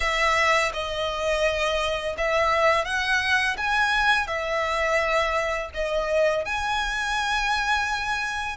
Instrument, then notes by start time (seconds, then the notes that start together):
violin
0.00 E5
0.73 D#5
2.17 E5
2.84 F#5
3.57 G#5
4.27 E5
5.74 D#5
6.45 G#5